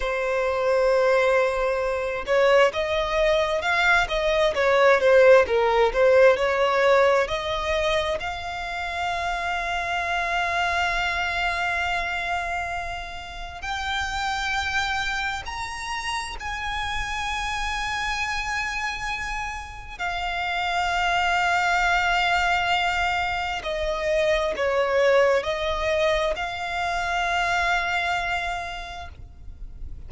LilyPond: \new Staff \with { instrumentName = "violin" } { \time 4/4 \tempo 4 = 66 c''2~ c''8 cis''8 dis''4 | f''8 dis''8 cis''8 c''8 ais'8 c''8 cis''4 | dis''4 f''2.~ | f''2. g''4~ |
g''4 ais''4 gis''2~ | gis''2 f''2~ | f''2 dis''4 cis''4 | dis''4 f''2. | }